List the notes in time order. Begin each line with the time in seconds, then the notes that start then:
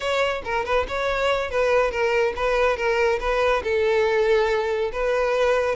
0.00 C#5
0.44 A#4
0.65 B4
0.87 C#5
1.50 B4
1.91 A#4
2.35 B4
2.76 A#4
3.20 B4
3.63 A4
4.92 B4